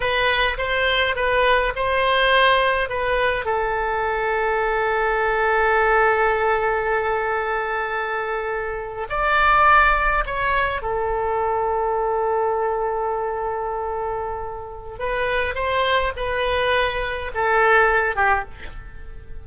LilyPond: \new Staff \with { instrumentName = "oboe" } { \time 4/4 \tempo 4 = 104 b'4 c''4 b'4 c''4~ | c''4 b'4 a'2~ | a'1~ | a'2.~ a'8. d''16~ |
d''4.~ d''16 cis''4 a'4~ a'16~ | a'1~ | a'2 b'4 c''4 | b'2 a'4. g'8 | }